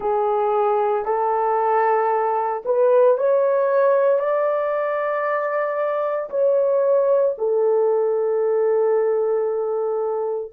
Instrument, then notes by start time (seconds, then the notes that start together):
horn
0.00 G#4
1.05 A4
2.65 B4
3.17 C#5
4.19 D5
6.30 C#5
7.38 A4